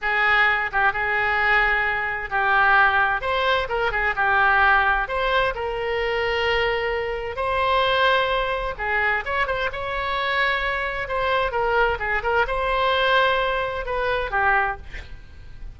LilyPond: \new Staff \with { instrumentName = "oboe" } { \time 4/4 \tempo 4 = 130 gis'4. g'8 gis'2~ | gis'4 g'2 c''4 | ais'8 gis'8 g'2 c''4 | ais'1 |
c''2. gis'4 | cis''8 c''8 cis''2. | c''4 ais'4 gis'8 ais'8 c''4~ | c''2 b'4 g'4 | }